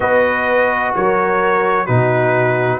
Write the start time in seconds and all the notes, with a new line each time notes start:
0.00 B3 F#4 B4 D#5
0.95 F#3 A#4 C#5
1.85 B2 D#4 F#4 B4